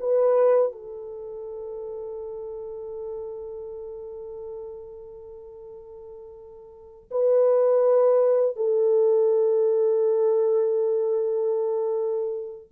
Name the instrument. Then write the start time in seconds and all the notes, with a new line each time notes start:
horn
0.00 B4
0.72 A4
7.11 B4
8.56 A4